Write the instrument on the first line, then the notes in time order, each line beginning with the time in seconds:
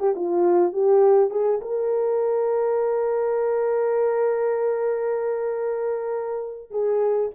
horn
0.00 G4
0.16 F4
0.73 G4
1.31 G#4
1.62 A#4
6.71 G#4